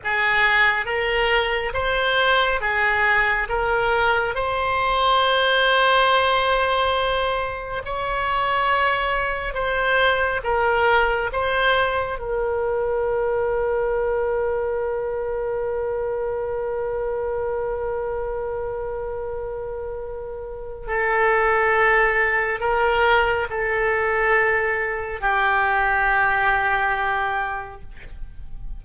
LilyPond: \new Staff \with { instrumentName = "oboe" } { \time 4/4 \tempo 4 = 69 gis'4 ais'4 c''4 gis'4 | ais'4 c''2.~ | c''4 cis''2 c''4 | ais'4 c''4 ais'2~ |
ais'1~ | ais'1 | a'2 ais'4 a'4~ | a'4 g'2. | }